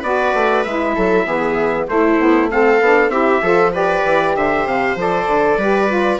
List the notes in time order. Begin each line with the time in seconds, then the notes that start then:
0.00 B3 F#4 B4 D5
0.34 A3
0.64 G#3 E4 E5
0.95 F#3 A4
1.26 E3 B3 G#4
1.88 A3 E4 C5
2.19 B3
2.50 C4 A4 F5
2.80 B3 D4
3.08 C4 E4 G4 E5
3.42 F3 F4 A4
3.73 G4 B4 D5
4.05 E3
4.35 D3 C5 E5
4.66 C3 F5
4.95 F3 A4 D5
5.27 D3
5.57 G3 G4 B4
5.88 F4